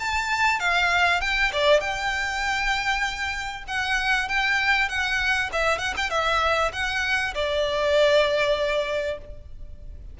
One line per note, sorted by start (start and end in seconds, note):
0.00 0.60 A5
0.60 1.21 F5
1.21 1.52 G5
1.53 1.81 D5
1.81 3.64 G5
3.68 4.29 F#5
4.29 4.89 G5
4.89 5.50 F#5
5.52 5.79 E5
5.79 5.94 F#5
5.97 6.10 G5
6.10 6.72 E5
6.73 7.34 F#5
7.34 9.18 D5